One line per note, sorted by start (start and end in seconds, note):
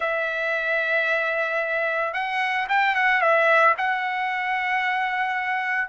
0.00 2.13 E5
2.13 2.67 F#5
2.68 2.95 G5
2.95 3.21 F#5
3.21 3.75 E5
3.77 5.88 F#5